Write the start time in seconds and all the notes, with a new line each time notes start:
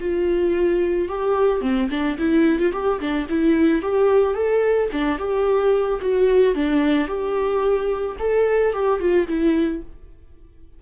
0.00 F4
1.09 G4
1.61 C4
1.90 D4
2.18 E4
2.59 F4
2.72 G4
3.00 D4
3.29 E4
3.82 G4
4.34 A4
4.92 D4
5.18 G4
6.01 F#4
6.55 D4
7.07 G4
8.19 A4
8.73 G4
9.00 F4
9.28 E4